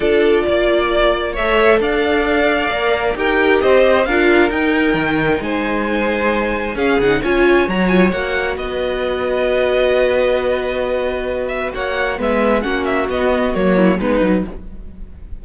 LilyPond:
<<
  \new Staff \with { instrumentName = "violin" } { \time 4/4 \tempo 4 = 133 d''2. e''4 | f''2. g''4 | dis''4 f''4 g''2 | gis''2. f''8 fis''8 |
gis''4 ais''8 gis''8 fis''4 dis''4~ | dis''1~ | dis''4. e''8 fis''4 e''4 | fis''8 e''8 dis''4 cis''4 b'4 | }
  \new Staff \with { instrumentName = "violin" } { \time 4/4 a'4 d''2 cis''4 | d''2. ais'4 | c''4 ais'2. | c''2. gis'4 |
cis''2. b'4~ | b'1~ | b'2 cis''4 b'4 | fis'2~ fis'8 e'8 dis'4 | }
  \new Staff \with { instrumentName = "viola" } { \time 4/4 f'2. a'4~ | a'2 ais'4 g'4~ | g'4 f'4 dis'2~ | dis'2. cis'8 dis'8 |
f'4 fis'8 f'8 fis'2~ | fis'1~ | fis'2. b4 | cis'4 b4 ais4 b8 dis'8 | }
  \new Staff \with { instrumentName = "cello" } { \time 4/4 d'4 ais2 a4 | d'2 ais4 dis'4 | c'4 d'4 dis'4 dis4 | gis2. cis'8 cis8 |
cis'4 fis4 ais4 b4~ | b1~ | b2 ais4 gis4 | ais4 b4 fis4 gis8 fis8 | }
>>